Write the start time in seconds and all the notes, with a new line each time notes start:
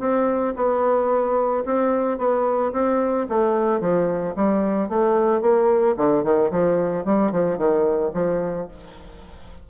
0.00 C4
0.57 B3
1.66 C4
2.19 B3
2.73 C4
3.29 A3
3.81 F3
4.36 G3
4.89 A3
5.42 A#3
5.98 D3
6.24 D#3
6.51 F3
7.06 G3
7.32 F3
7.58 D#3
8.14 F3